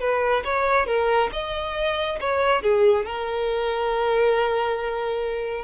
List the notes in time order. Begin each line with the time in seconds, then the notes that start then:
0.00 B4
0.44 C#5
0.87 A#4
1.32 D#5
2.21 C#5
2.62 G#4
3.06 A#4